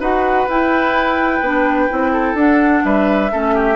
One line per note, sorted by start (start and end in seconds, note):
0.00 0.47 D#4
0.00 0.47 F#4
0.00 2.13 B4
0.00 0.50 F#5
0.48 1.41 E4
0.48 1.44 E4
0.48 2.38 G5
1.41 1.89 B3
1.41 1.90 D4
1.90 2.34 C4
1.90 2.37 E4
2.13 2.84 A4
2.34 2.81 D4
2.34 3.31 D4
2.34 2.85 F#5
2.85 3.32 G3
2.85 3.32 B4
2.85 3.76 E5
3.32 3.76 A3
3.32 3.76 C#4
3.32 3.55 A4
3.55 3.76 G4